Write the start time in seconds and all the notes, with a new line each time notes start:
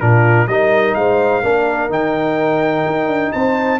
0.00 A#2 D4 F4 A#4
0.47 G3 D#4 A#4 D#5
0.94 G#3 C5 F5
1.43 A#3 D4 A#4
1.89 D#3 D#4 G5
2.86 D#4
3.07 D4
3.32 C4 C5 A5